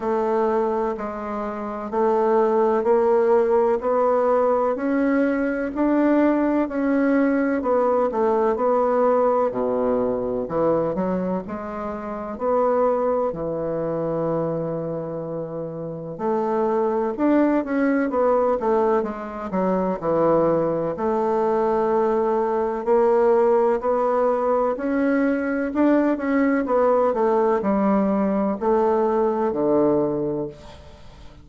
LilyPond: \new Staff \with { instrumentName = "bassoon" } { \time 4/4 \tempo 4 = 63 a4 gis4 a4 ais4 | b4 cis'4 d'4 cis'4 | b8 a8 b4 b,4 e8 fis8 | gis4 b4 e2~ |
e4 a4 d'8 cis'8 b8 a8 | gis8 fis8 e4 a2 | ais4 b4 cis'4 d'8 cis'8 | b8 a8 g4 a4 d4 | }